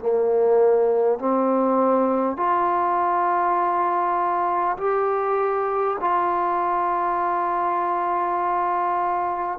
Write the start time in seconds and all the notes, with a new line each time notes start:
0.00 A#3
1.19 C4
2.37 F4
4.78 G4
6.01 F4